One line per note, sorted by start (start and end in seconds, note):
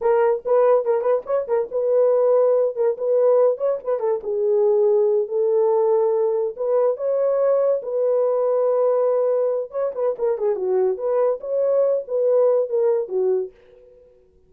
0.01 0.43 A#4
0.45 0.84 B4
0.84 1.01 A#4
1.01 1.22 B4
1.26 1.47 C#5
1.47 1.68 A#4
1.71 2.75 B4
2.75 2.97 A#4
2.97 3.57 B4
3.57 3.78 C#5
3.83 3.99 B4
3.99 4.20 A4
4.23 5.28 G#4
5.28 6.55 A4
6.56 6.96 B4
6.96 7.81 C#5
7.82 9.70 B4
9.70 9.92 C#5
9.94 10.15 B4
10.18 10.38 A#4
10.38 10.55 G#4
10.55 10.97 F#4
10.97 11.39 B4
11.40 12.03 C#5
12.07 12.69 B4
12.69 13.08 A#4
13.08 13.50 F#4